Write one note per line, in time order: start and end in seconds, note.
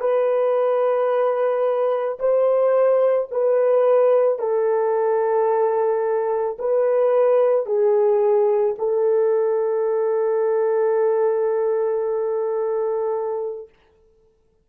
0.00 2.18 B4
2.19 3.28 C5
3.31 4.39 B4
4.39 6.57 A4
6.59 7.66 B4
7.66 8.75 G#4
8.78 13.69 A4